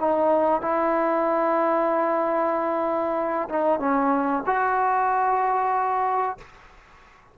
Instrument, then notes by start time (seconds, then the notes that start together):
trombone
0.00 D#4
0.62 E4
3.49 D#4
3.80 C#4
4.47 F#4